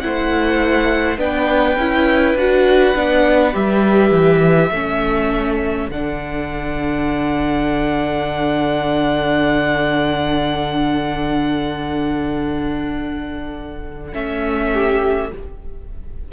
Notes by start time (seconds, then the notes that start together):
0.00 A3 E4 C5 F#5
1.18 B3 D4 B4 G5
1.76 C#4 E4
2.35 D4 F#4 F#5
2.96 B3 D4
3.53 G3 G4 E5
4.11 E3
4.71 A3 C#4 A4
5.90 D3 D4 F#5
14.12 A3 C#4 E5
14.74 G4